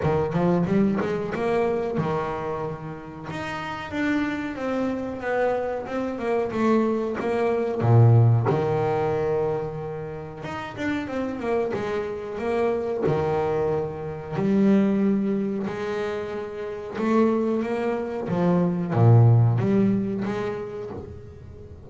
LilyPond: \new Staff \with { instrumentName = "double bass" } { \time 4/4 \tempo 4 = 92 dis8 f8 g8 gis8 ais4 dis4~ | dis4 dis'4 d'4 c'4 | b4 c'8 ais8 a4 ais4 | ais,4 dis2. |
dis'8 d'8 c'8 ais8 gis4 ais4 | dis2 g2 | gis2 a4 ais4 | f4 ais,4 g4 gis4 | }